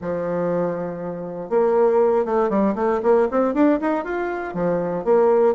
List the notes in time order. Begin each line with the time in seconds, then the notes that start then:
0.01 F3
1.49 A#3
2.25 A3
2.49 G3
2.75 A3
3.02 A#3
3.30 C4
3.54 D4
3.80 D#4
4.04 F4
4.54 F3
5.04 A#3